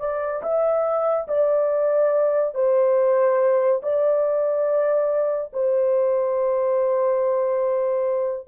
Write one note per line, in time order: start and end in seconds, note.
0.00 0.42 D5
0.43 1.28 E5
1.28 2.55 D5
2.55 3.82 C5
3.83 5.52 D5
5.53 8.48 C5